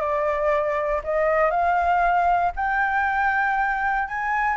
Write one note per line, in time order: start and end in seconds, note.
0.00 1.02 D5
1.04 1.50 D#5
1.50 2.52 F5
2.56 4.08 G5
4.08 4.56 G#5